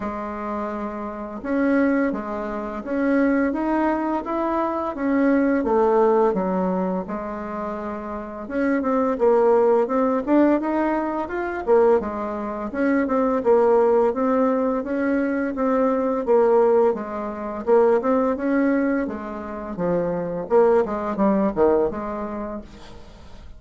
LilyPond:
\new Staff \with { instrumentName = "bassoon" } { \time 4/4 \tempo 4 = 85 gis2 cis'4 gis4 | cis'4 dis'4 e'4 cis'4 | a4 fis4 gis2 | cis'8 c'8 ais4 c'8 d'8 dis'4 |
f'8 ais8 gis4 cis'8 c'8 ais4 | c'4 cis'4 c'4 ais4 | gis4 ais8 c'8 cis'4 gis4 | f4 ais8 gis8 g8 dis8 gis4 | }